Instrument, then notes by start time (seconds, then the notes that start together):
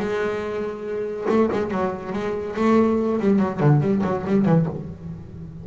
double bass
0.00 G#3
1.29 A3
1.52 G#3
1.71 F#3
2.13 G#3
2.56 A3
3.20 G3
3.39 F#3
3.60 D3
3.81 G3
4.04 F#3
4.27 G3
4.45 E3